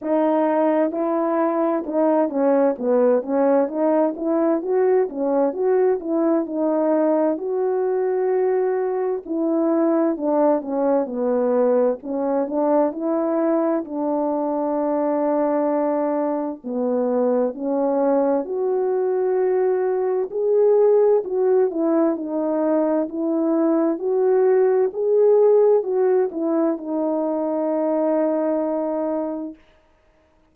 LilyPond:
\new Staff \with { instrumentName = "horn" } { \time 4/4 \tempo 4 = 65 dis'4 e'4 dis'8 cis'8 b8 cis'8 | dis'8 e'8 fis'8 cis'8 fis'8 e'8 dis'4 | fis'2 e'4 d'8 cis'8 | b4 cis'8 d'8 e'4 d'4~ |
d'2 b4 cis'4 | fis'2 gis'4 fis'8 e'8 | dis'4 e'4 fis'4 gis'4 | fis'8 e'8 dis'2. | }